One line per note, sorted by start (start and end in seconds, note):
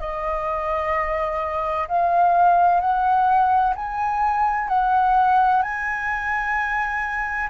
0.00 1.87 D#5
1.88 2.80 F5
2.80 3.74 F#5
3.75 4.69 G#5
4.69 5.62 F#5
5.62 7.50 G#5